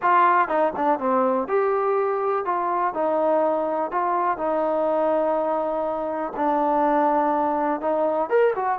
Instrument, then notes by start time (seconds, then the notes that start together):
trombone
0.02 F4
0.48 D#4
0.76 D4
0.99 C4
1.48 G4
2.45 F4
2.94 D#4
3.91 F4
4.37 D#4
6.36 D4
7.80 D#4
8.29 A#4
8.55 F#4